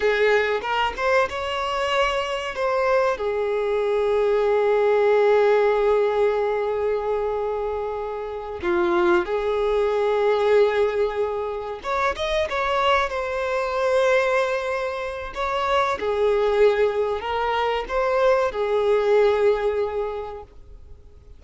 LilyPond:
\new Staff \with { instrumentName = "violin" } { \time 4/4 \tempo 4 = 94 gis'4 ais'8 c''8 cis''2 | c''4 gis'2.~ | gis'1~ | gis'4. f'4 gis'4.~ |
gis'2~ gis'8 cis''8 dis''8 cis''8~ | cis''8 c''2.~ c''8 | cis''4 gis'2 ais'4 | c''4 gis'2. | }